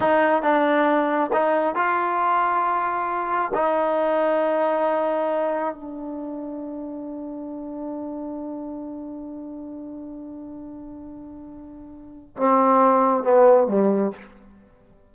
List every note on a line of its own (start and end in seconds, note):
0.00 0.42 D#4
0.42 1.30 D4
1.32 1.75 D#4
1.75 3.51 F4
3.54 5.74 D#4
5.74 12.36 D4
12.36 13.23 C4
13.23 13.67 B3
13.67 14.11 G3